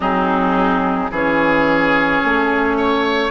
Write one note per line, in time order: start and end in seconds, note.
0.00 1.09 F#3
0.00 1.11 C4
0.00 1.11 D#4
0.00 1.11 G#4
1.10 2.21 E3
1.10 3.31 C#4
1.10 2.77 G#4
1.10 3.31 C#5
2.24 3.31 A3
2.77 3.31 C#5